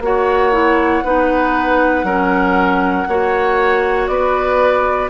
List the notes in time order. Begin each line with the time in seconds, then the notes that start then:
0.00 A#3 F#4 C#5 F#5
0.52 E4
1.04 B3 D#4 B4
2.03 F#3 C#4 A#4
3.08 A#3 F#4 C#5
4.07 B3 B4 D5